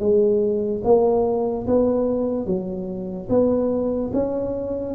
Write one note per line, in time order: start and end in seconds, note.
0.00 0.82 G#3
0.84 1.67 A#3
1.67 2.46 B3
2.46 3.28 F#3
3.30 4.12 B3
4.14 4.95 C#4